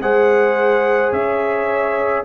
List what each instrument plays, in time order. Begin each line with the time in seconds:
0.00 tuba G#3, trombone G#4, horn C5, trumpet F#5
1.12 tuba C#4, horn C#5, trumpet E5